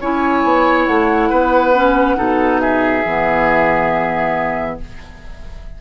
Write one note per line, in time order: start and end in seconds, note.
0.00 0.43 C#4
0.00 1.74 E4
0.00 1.29 C#5
0.00 0.86 G#5
0.43 0.87 B3
0.86 1.31 A3
0.86 2.60 F#5
1.29 2.17 B3
1.29 2.16 B4
1.74 2.16 C#4
2.16 3.04 B2
2.16 3.03 D#4
2.16 2.61 A4
2.60 4.78 G#4
2.60 4.77 E5
3.05 4.79 E3
3.05 4.81 B3